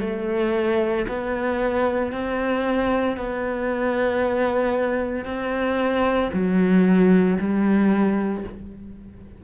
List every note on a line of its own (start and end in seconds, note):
0.00 1.05 A3
1.08 2.12 B3
2.12 3.17 C4
3.17 5.25 B3
5.25 6.30 C4
6.33 7.38 F#3
7.39 8.44 G3